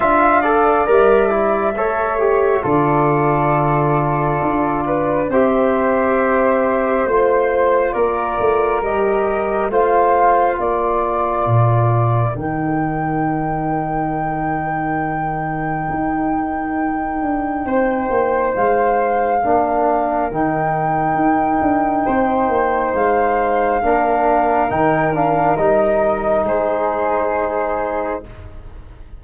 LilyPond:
<<
  \new Staff \with { instrumentName = "flute" } { \time 4/4 \tempo 4 = 68 f''4 e''2 d''4~ | d''2 e''2 | c''4 d''4 dis''4 f''4 | d''2 g''2~ |
g''1~ | g''4 f''2 g''4~ | g''2 f''2 | g''8 f''8 dis''4 c''2 | }
  \new Staff \with { instrumentName = "flute" } { \time 4/4 e''8 d''4. cis''4 a'4~ | a'4. b'8 c''2~ | c''4 ais'2 c''4 | ais'1~ |
ais'1 | c''2 ais'2~ | ais'4 c''2 ais'4~ | ais'2 gis'2 | }
  \new Staff \with { instrumentName = "trombone" } { \time 4/4 f'8 a'8 ais'8 e'8 a'8 g'8 f'4~ | f'2 g'2 | f'2 g'4 f'4~ | f'2 dis'2~ |
dis'1~ | dis'2 d'4 dis'4~ | dis'2. d'4 | dis'8 d'8 dis'2. | }
  \new Staff \with { instrumentName = "tuba" } { \time 4/4 d'4 g4 a4 d4~ | d4 d'4 c'2 | a4 ais8 a8 g4 a4 | ais4 ais,4 dis2~ |
dis2 dis'4. d'8 | c'8 ais8 gis4 ais4 dis4 | dis'8 d'8 c'8 ais8 gis4 ais4 | dis4 g4 gis2 | }
>>